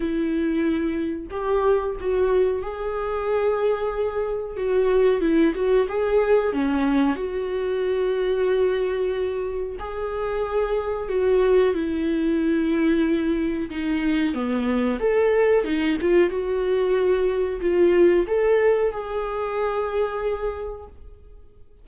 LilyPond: \new Staff \with { instrumentName = "viola" } { \time 4/4 \tempo 4 = 92 e'2 g'4 fis'4 | gis'2. fis'4 | e'8 fis'8 gis'4 cis'4 fis'4~ | fis'2. gis'4~ |
gis'4 fis'4 e'2~ | e'4 dis'4 b4 a'4 | dis'8 f'8 fis'2 f'4 | a'4 gis'2. | }